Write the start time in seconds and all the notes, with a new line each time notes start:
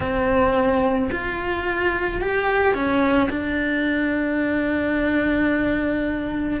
0.00 C4
1.11 F4
2.21 G4
2.74 C#4
3.30 D4